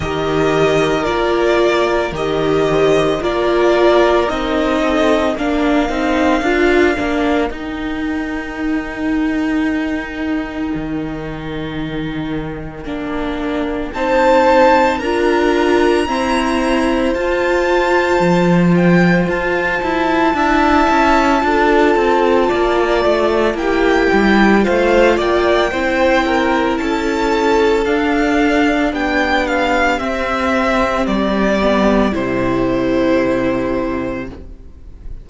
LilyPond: <<
  \new Staff \with { instrumentName = "violin" } { \time 4/4 \tempo 4 = 56 dis''4 d''4 dis''4 d''4 | dis''4 f''2 g''4~ | g''1~ | g''4 a''4 ais''2 |
a''4. g''8 a''2~ | a''2 g''4 f''8 g''8~ | g''4 a''4 f''4 g''8 f''8 | e''4 d''4 c''2 | }
  \new Staff \with { instrumentName = "violin" } { \time 4/4 ais'2~ ais'8 c''8 ais'4~ | ais'8 a'8 ais'2.~ | ais'1~ | ais'4 c''4 ais'4 c''4~ |
c''2. e''4 | a'4 d''4 g'4 c''8 d''8 | c''8 ais'8 a'2 g'4~ | g'1 | }
  \new Staff \with { instrumentName = "viola" } { \time 4/4 g'4 f'4 g'4 f'4 | dis'4 d'8 dis'8 f'8 d'8 dis'4~ | dis'1 | d'4 dis'4 f'4 c'4 |
f'2. e'4 | f'2 e'4 f'4 | e'2 d'2 | c'4. b8 e'2 | }
  \new Staff \with { instrumentName = "cello" } { \time 4/4 dis4 ais4 dis4 ais4 | c'4 ais8 c'8 d'8 ais8 dis'4~ | dis'2 dis2 | ais4 c'4 d'4 e'4 |
f'4 f4 f'8 e'8 d'8 cis'8 | d'8 c'8 ais8 a8 ais8 g8 a8 ais8 | c'4 cis'4 d'4 b4 | c'4 g4 c2 | }
>>